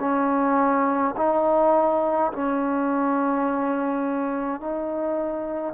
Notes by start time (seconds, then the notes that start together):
0.00 C#4
1.17 D#4
2.33 C#4
4.61 D#4